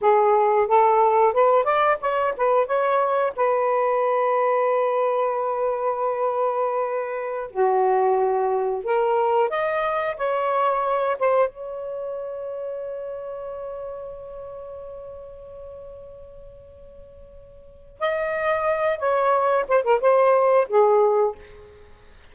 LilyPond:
\new Staff \with { instrumentName = "saxophone" } { \time 4/4 \tempo 4 = 90 gis'4 a'4 b'8 d''8 cis''8 b'8 | cis''4 b'2.~ | b'2.~ b'16 fis'8.~ | fis'4~ fis'16 ais'4 dis''4 cis''8.~ |
cis''8. c''8 cis''2~ cis''8.~ | cis''1~ | cis''2. dis''4~ | dis''8 cis''4 c''16 ais'16 c''4 gis'4 | }